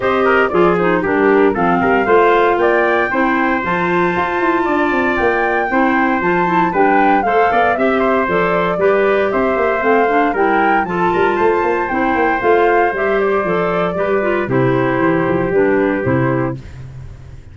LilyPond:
<<
  \new Staff \with { instrumentName = "flute" } { \time 4/4 \tempo 4 = 116 dis''4 d''8 c''8 ais'4 f''4~ | f''4 g''2 a''4~ | a''2 g''2 | a''4 g''4 f''4 e''4 |
d''2 e''4 f''4 | g''4 a''2 g''4 | f''4 e''8 d''2~ d''8 | c''2 b'4 c''4 | }
  \new Staff \with { instrumentName = "trumpet" } { \time 4/4 c''8 ais'8 gis'4 g'4 a'8 ais'8 | c''4 d''4 c''2~ | c''4 d''2 c''4~ | c''4 b'4 c''8 d''8 e''8 c''8~ |
c''4 b'4 c''2 | ais'4 a'8 ais'8 c''2~ | c''2. b'4 | g'1 | }
  \new Staff \with { instrumentName = "clarinet" } { \time 4/4 g'4 f'8 dis'8 d'4 c'4 | f'2 e'4 f'4~ | f'2. e'4 | f'8 e'8 d'4 a'4 g'4 |
a'4 g'2 c'8 d'8 | e'4 f'2 e'4 | f'4 g'4 a'4 g'8 f'8 | e'2 d'4 e'4 | }
  \new Staff \with { instrumentName = "tuba" } { \time 4/4 c'4 f4 g4 f8 g8 | a4 ais4 c'4 f4 | f'8 e'8 d'8 c'8 ais4 c'4 | f4 g4 a8 b8 c'4 |
f4 g4 c'8 ais8 a4 | g4 f8 g8 a8 ais8 c'8 ais8 | a4 g4 f4 g4 | c4 e8 f8 g4 c4 | }
>>